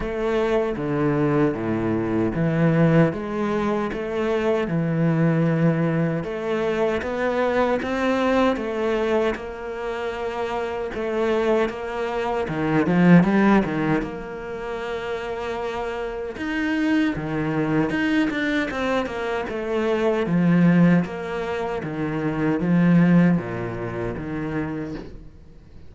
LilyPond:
\new Staff \with { instrumentName = "cello" } { \time 4/4 \tempo 4 = 77 a4 d4 a,4 e4 | gis4 a4 e2 | a4 b4 c'4 a4 | ais2 a4 ais4 |
dis8 f8 g8 dis8 ais2~ | ais4 dis'4 dis4 dis'8 d'8 | c'8 ais8 a4 f4 ais4 | dis4 f4 ais,4 dis4 | }